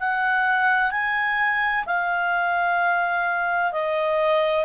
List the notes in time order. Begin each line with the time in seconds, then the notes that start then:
0.00 F#5
0.91 G#5
1.86 F5
3.72 D#5